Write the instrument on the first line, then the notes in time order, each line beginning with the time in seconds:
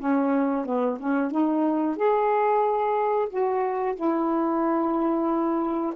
saxophone
0.00 C#4
0.66 B3
1.00 C#4
1.32 D#4
1.97 G#4
3.30 F#4
3.96 E4